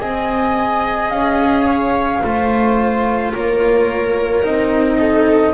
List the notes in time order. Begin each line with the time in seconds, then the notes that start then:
0.00 C4 G#4 D#5 G#5
1.10 C#4 F5
1.67 C#5
2.23 A3 F4 C5
3.33 A#3 A#4 C#5
4.43 C4 D#4 D#5
4.99 A4